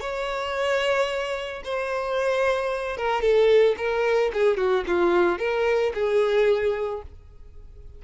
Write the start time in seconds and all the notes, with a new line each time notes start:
0.00 C#5
1.64 C5
2.97 A#4
3.21 A4
3.77 A#4
4.33 G#4
4.57 F#4
4.87 F4
5.38 A#4
5.94 G#4